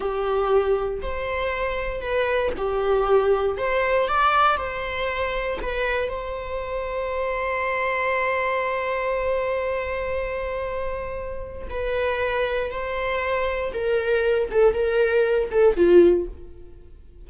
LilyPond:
\new Staff \with { instrumentName = "viola" } { \time 4/4 \tempo 4 = 118 g'2 c''2 | b'4 g'2 c''4 | d''4 c''2 b'4 | c''1~ |
c''1~ | c''2. b'4~ | b'4 c''2 ais'4~ | ais'8 a'8 ais'4. a'8 f'4 | }